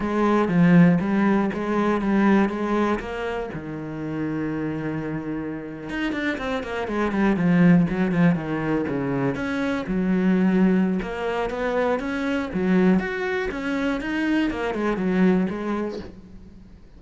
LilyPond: \new Staff \with { instrumentName = "cello" } { \time 4/4 \tempo 4 = 120 gis4 f4 g4 gis4 | g4 gis4 ais4 dis4~ | dis2.~ dis8. dis'16~ | dis'16 d'8 c'8 ais8 gis8 g8 f4 fis16~ |
fis16 f8 dis4 cis4 cis'4 fis16~ | fis2 ais4 b4 | cis'4 fis4 fis'4 cis'4 | dis'4 ais8 gis8 fis4 gis4 | }